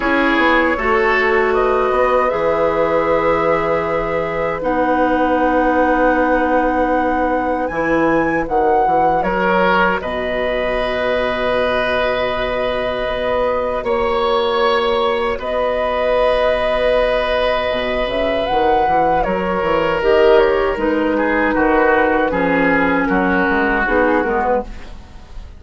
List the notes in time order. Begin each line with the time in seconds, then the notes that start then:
0.00 C#4 E4 G#4 C#5
0.36 B3
0.77 A3 F#4 A4
1.53 B4 D#5
1.91 B3
2.29 E3 G#4 E5
4.61 B3 D#4 F#5
7.67 E3 E4 G#5
8.47 D#3 F#4 F#5
8.86 E3
9.22 F#3 A#4 C#5
10.00 B2 B4 D#5
13.06 B3
13.83 A#3 C#5
15.38 B3 B4 D#5
17.70 B2
18.06 C#3 E5
18.46 D#3 F#5
18.87 E3
19.23 F#3 A#4 C#5
19.62 E3
20.01 D#3 G4 D#5
20.38 C#5
20.77 G#3 D#4 B4
21.17 G#4
21.54 D#3 F#4
22.30 F3 C#4 G#4
23.05 F#3 F#4 A#4
23.49 G#3
23.86 B3 D#4 G#4
24.23 G#3 B3 A#4
24.44 B4